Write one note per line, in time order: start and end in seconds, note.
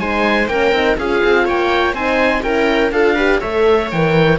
0.00 0.48 G#3
0.00 0.49 D#4
0.00 0.50 C5
0.00 0.48 G#5
0.48 0.72 A#3
0.48 0.74 C#4
0.48 0.98 A#4
0.48 0.97 G5
0.72 0.96 C4
0.72 0.99 D#4
0.98 1.23 C#4
0.98 1.96 F4
0.98 1.46 G#4
0.98 1.48 F5
1.24 1.48 C4
1.46 1.93 A#3
1.46 1.94 C#5
1.46 1.95 G5
1.93 2.42 C4
1.93 2.44 D#4
1.93 2.43 C5
1.93 2.44 G#5
2.43 2.92 C#4
2.43 2.93 E4
2.43 2.93 A#4
2.43 2.92 G5
2.92 3.40 D4
2.92 3.17 F4
2.92 3.16 A4
2.92 3.41 F5
3.16 3.42 G4
3.16 3.40 B4
3.40 3.93 A3
3.40 3.91 A4
3.40 4.38 C#5
3.40 3.90 E5
3.92 4.39 E3
3.92 4.39 A#4
3.92 4.39 G5